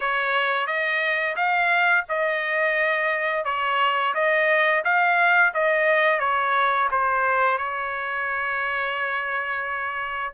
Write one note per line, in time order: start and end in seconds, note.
0.00 0.66 C#5
0.66 1.35 D#5
1.35 2.04 F5
2.08 3.45 D#5
3.45 4.13 C#5
4.14 4.83 D#5
4.84 5.53 F5
5.54 6.19 D#5
6.19 6.88 C#5
6.91 7.57 C5
7.57 10.33 C#5